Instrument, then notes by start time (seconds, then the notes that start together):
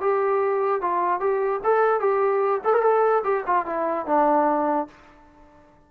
trombone
0.00 G4
0.81 F4
1.20 G4
1.63 A4
2.00 G4
2.64 A4
2.73 A#4
2.82 A4
3.23 G4
3.46 F4
3.65 E4
4.06 D4